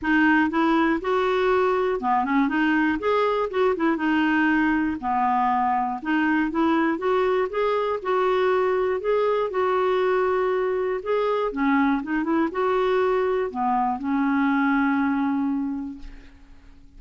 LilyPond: \new Staff \with { instrumentName = "clarinet" } { \time 4/4 \tempo 4 = 120 dis'4 e'4 fis'2 | b8 cis'8 dis'4 gis'4 fis'8 e'8 | dis'2 b2 | dis'4 e'4 fis'4 gis'4 |
fis'2 gis'4 fis'4~ | fis'2 gis'4 cis'4 | dis'8 e'8 fis'2 b4 | cis'1 | }